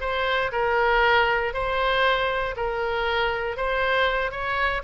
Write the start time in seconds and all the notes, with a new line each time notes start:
0.00 C5
0.52 A#4
1.53 C5
2.56 A#4
3.57 C5
4.31 C#5